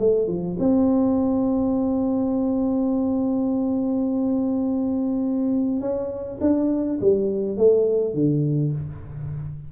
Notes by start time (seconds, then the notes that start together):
0.00 A3
0.28 F3
0.60 C4
5.81 C#4
6.41 D4
7.01 G3
7.58 A3
8.14 D3